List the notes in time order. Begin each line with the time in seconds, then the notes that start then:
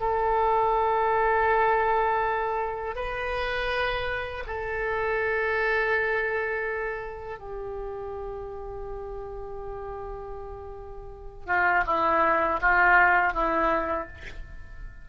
0.00 A4
2.96 B4
4.47 A4
7.39 G4
11.46 F4
11.86 E4
12.61 F4
13.34 E4